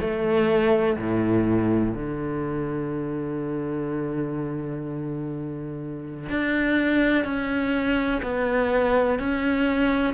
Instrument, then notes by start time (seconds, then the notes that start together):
cello
0.00 A3
0.97 A2
1.94 D3
6.29 D4
7.24 C#4
8.22 B3
9.19 C#4